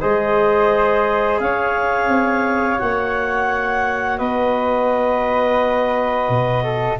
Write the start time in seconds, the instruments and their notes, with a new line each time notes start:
0.00 tuba G#3, trombone G#4, flute C5, clarinet D#5
1.39 tuba C#4, flute C#5, clarinet F5
2.08 tuba C4
2.78 tuba A#3, trombone F#4, clarinet F#5
4.18 tuba B3, flute B4, clarinet D#5
6.28 tuba B2
6.63 flute A4